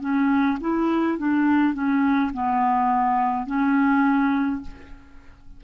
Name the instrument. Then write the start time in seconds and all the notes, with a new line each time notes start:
clarinet
0.00 C#4
0.60 E4
1.18 D4
1.74 C#4
2.33 B3
3.46 C#4